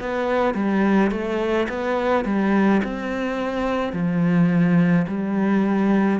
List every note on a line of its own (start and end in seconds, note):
0.00 0.55 B3
0.55 1.11 G3
1.11 1.68 A3
1.69 2.25 B3
2.25 2.81 G3
2.84 3.93 C4
3.93 5.06 F3
5.08 6.20 G3